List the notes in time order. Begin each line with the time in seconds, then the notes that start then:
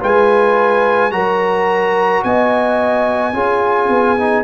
0.00 G#3 F4 B4 G#5
1.11 F#3 F#4 A#4 A#5
2.24 B3 D#5 G#5
3.33 C#4 F4 G#4
3.89 B3
4.18 D#4